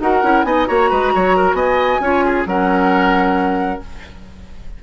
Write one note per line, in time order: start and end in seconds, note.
0.00 0.22 D#4
0.00 0.23 F#4
0.00 0.46 A#4
0.00 0.44 F#5
0.23 0.44 C#4
0.23 0.45 E4
0.44 0.67 B3
0.44 0.67 D#4
0.44 0.68 D#5
0.44 0.66 G#5
0.67 0.91 A#3
0.67 2.02 F#4
0.67 0.90 C#5
0.67 1.55 A#5
0.90 1.14 G#3
0.90 1.13 B4
1.15 1.54 F#3
1.15 1.37 C#5
1.37 1.56 A#4
1.54 1.99 B3
1.54 2.01 D#5
1.54 2.44 G#5
2.01 2.45 C#4
2.01 2.47 F4
2.01 2.25 C#5
2.25 2.48 G#4
2.47 3.81 F#3
2.47 3.81 C#4
2.47 3.83 A#4
2.47 3.82 F#5